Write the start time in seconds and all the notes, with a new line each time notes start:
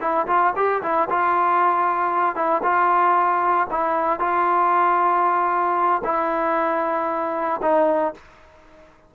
0.00 E4
0.27 F4
0.56 G4
0.82 E4
1.09 F4
2.35 E4
2.63 F4
3.71 E4
4.19 F4
6.04 E4
7.62 D#4